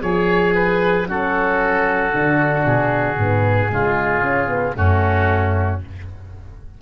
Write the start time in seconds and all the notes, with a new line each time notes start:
0.00 F3 G#4 C#5
0.55 B4
1.07 F#3 C#4 F#4 A4
2.12 D3 D4
2.65 B2 G#4
3.17 G#2 B3
3.69 C#3 G#3 F4
4.22 C#4
4.47 B3
4.75 F#2 A3 C#4 F#4